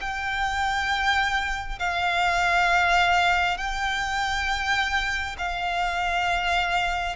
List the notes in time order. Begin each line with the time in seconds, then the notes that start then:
0.00 G5
1.78 F5
3.57 G5
5.38 F5